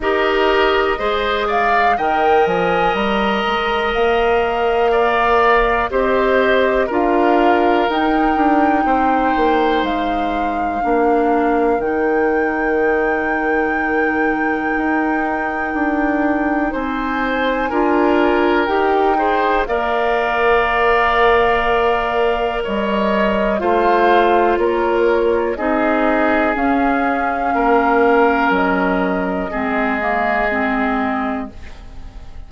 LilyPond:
<<
  \new Staff \with { instrumentName = "flute" } { \time 4/4 \tempo 4 = 61 dis''4. f''8 g''8 gis''8 ais''4 | f''2 dis''4 f''4 | g''2 f''2 | g''1~ |
g''4 gis''2 g''4 | f''2. dis''4 | f''4 cis''4 dis''4 f''4~ | f''4 dis''2. | }
  \new Staff \with { instrumentName = "oboe" } { \time 4/4 ais'4 c''8 d''8 dis''2~ | dis''4 d''4 c''4 ais'4~ | ais'4 c''2 ais'4~ | ais'1~ |
ais'4 c''4 ais'4. c''8 | d''2. cis''4 | c''4 ais'4 gis'2 | ais'2 gis'2 | }
  \new Staff \with { instrumentName = "clarinet" } { \time 4/4 g'4 gis'4 ais'2~ | ais'2 g'4 f'4 | dis'2. d'4 | dis'1~ |
dis'2 f'4 g'8 gis'8 | ais'1 | f'2 dis'4 cis'4~ | cis'2 c'8 ais8 c'4 | }
  \new Staff \with { instrumentName = "bassoon" } { \time 4/4 dis'4 gis4 dis8 f8 g8 gis8 | ais2 c'4 d'4 | dis'8 d'8 c'8 ais8 gis4 ais4 | dis2. dis'4 |
d'4 c'4 d'4 dis'4 | ais2. g4 | a4 ais4 c'4 cis'4 | ais4 fis4 gis2 | }
>>